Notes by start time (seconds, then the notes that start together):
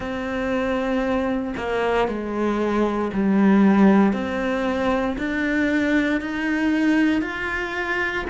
0.00 C4
1.57 A#3
2.07 G#3
3.13 G3
4.12 C4
5.17 D4
6.20 D#4
7.21 F4